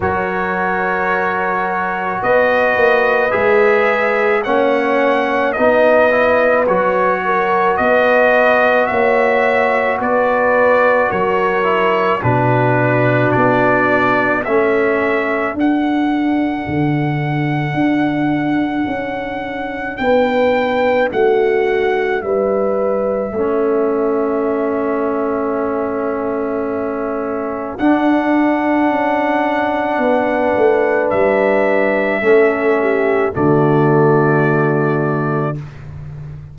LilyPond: <<
  \new Staff \with { instrumentName = "trumpet" } { \time 4/4 \tempo 4 = 54 cis''2 dis''4 e''4 | fis''4 dis''4 cis''4 dis''4 | e''4 d''4 cis''4 b'4 | d''4 e''4 fis''2~ |
fis''2 g''4 fis''4 | e''1~ | e''4 fis''2. | e''2 d''2 | }
  \new Staff \with { instrumentName = "horn" } { \time 4/4 ais'2 b'2 | cis''4 b'4. ais'8 b'4 | cis''4 b'4 ais'4 fis'4~ | fis'4 a'2.~ |
a'2 b'4 fis'4 | b'4 a'2.~ | a'2. b'4~ | b'4 a'8 g'8 fis'2 | }
  \new Staff \with { instrumentName = "trombone" } { \time 4/4 fis'2. gis'4 | cis'4 dis'8 e'8 fis'2~ | fis'2~ fis'8 e'8 d'4~ | d'4 cis'4 d'2~ |
d'1~ | d'4 cis'2.~ | cis'4 d'2.~ | d'4 cis'4 a2 | }
  \new Staff \with { instrumentName = "tuba" } { \time 4/4 fis2 b8 ais8 gis4 | ais4 b4 fis4 b4 | ais4 b4 fis4 b,4 | b4 a4 d'4 d4 |
d'4 cis'4 b4 a4 | g4 a2.~ | a4 d'4 cis'4 b8 a8 | g4 a4 d2 | }
>>